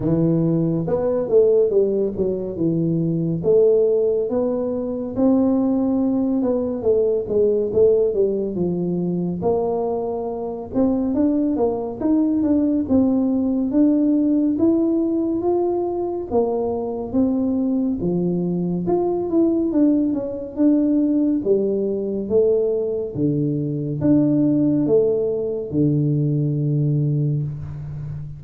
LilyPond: \new Staff \with { instrumentName = "tuba" } { \time 4/4 \tempo 4 = 70 e4 b8 a8 g8 fis8 e4 | a4 b4 c'4. b8 | a8 gis8 a8 g8 f4 ais4~ | ais8 c'8 d'8 ais8 dis'8 d'8 c'4 |
d'4 e'4 f'4 ais4 | c'4 f4 f'8 e'8 d'8 cis'8 | d'4 g4 a4 d4 | d'4 a4 d2 | }